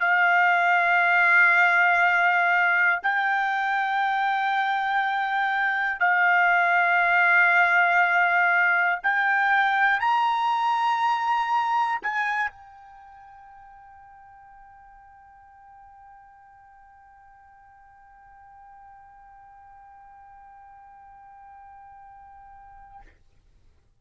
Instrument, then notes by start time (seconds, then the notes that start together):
trumpet
0.00 F5
3.03 G5
6.00 F5
9.03 G5
10.00 A#5
12.02 G#5
12.51 G5